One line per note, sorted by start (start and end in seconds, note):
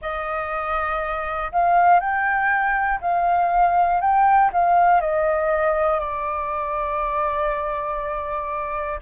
0.01 1.51 D#5
1.51 2.00 F5
2.00 3.00 G5
3.00 4.00 F5
4.00 4.50 G5
4.52 5.00 F5
5.00 6.00 D#5
6.00 9.00 D5